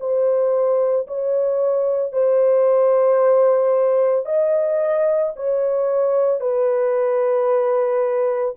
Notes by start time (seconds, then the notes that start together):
0.00 C5
1.08 C#5
2.13 C5
4.26 D#5
5.36 C#5
6.41 B4